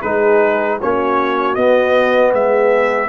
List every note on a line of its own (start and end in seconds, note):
0.00 0.80 G#3
0.00 0.80 D#4
0.00 0.77 G#4
0.00 0.78 B4
0.80 1.56 A#3
0.80 1.57 C#4
0.80 2.34 F#4
0.80 1.55 C#5
1.55 2.33 B3
1.55 3.08 B3
1.55 2.32 D#5
2.33 3.08 G#3
2.33 3.08 G#4
2.33 3.08 E5